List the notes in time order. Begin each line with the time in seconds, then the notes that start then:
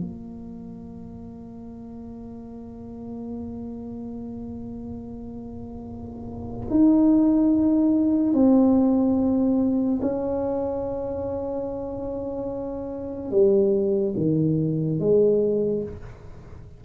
0.00 A#3
6.70 D#4
8.33 C4
10.01 C#4
13.31 G3
14.16 D#3
14.99 G#3